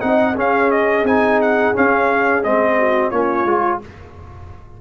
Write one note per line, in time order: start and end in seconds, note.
0.00 0.35 C4
0.00 0.34 D#4
0.00 0.35 D#5
0.00 0.35 F#5
0.35 1.03 C#4
0.35 1.05 C#4
0.35 2.77 G#4
0.35 0.71 F5
0.71 1.05 D#5
1.03 1.72 C4
1.03 1.74 D#4
1.03 1.40 G#5
1.41 1.75 F#5
1.74 2.43 C#4
1.74 2.44 C#4
1.74 2.43 F5
2.43 3.12 G#3
2.43 3.12 C4
2.43 3.10 D#5
2.78 3.10 F#4
3.10 3.45 A#3
3.10 3.46 C#4
3.10 3.79 F4
3.10 3.79 C#5
3.45 3.79 G#3
3.45 3.81 F4